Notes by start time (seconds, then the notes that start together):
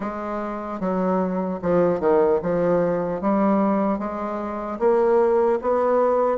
0.00 G#3
0.80 F#3
1.61 F3
2.00 D#3
2.42 F3
3.21 G3
3.98 G#3
4.79 A#3
5.61 B3